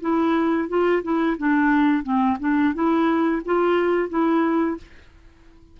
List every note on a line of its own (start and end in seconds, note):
0.00 0.68 E4
0.68 1.02 F4
1.02 1.36 E4
1.37 2.03 D4
2.03 2.37 C4
2.39 2.73 D4
2.74 3.42 E4
3.45 4.09 F4
4.09 4.77 E4